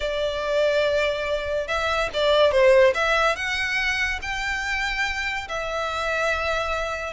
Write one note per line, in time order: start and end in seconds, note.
0.00 1.67 D5
1.67 2.09 E5
2.13 2.51 D5
2.51 2.93 C5
2.94 3.35 E5
3.35 4.19 F#5
4.22 5.48 G5
5.48 7.13 E5